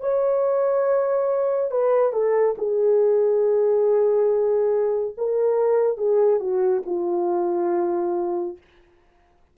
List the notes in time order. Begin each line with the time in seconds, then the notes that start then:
0.00 C#5
1.71 B4
2.12 A4
2.58 G#4
5.17 A#4
5.97 G#4
6.39 F#4
6.86 F4